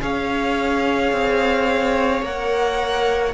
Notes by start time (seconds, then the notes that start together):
0.00 C#4 G#4 C#5 F5
1.12 C4
2.22 A#3 A#4 F#5